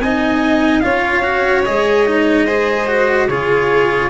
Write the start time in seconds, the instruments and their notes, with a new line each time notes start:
0.00 tuba C4, cello D#4, violin D#5, trumpet G#5
0.81 tuba C#4, cello F4, violin C#5, trumpet F5
1.23 cello F#4
1.66 tuba G#3, cello G#4, trumpet D#5
2.07 cello D#4
2.46 cello G#4, violin C5
2.88 cello F#4
3.29 tuba C#3, cello F4, violin G#4, trumpet C#5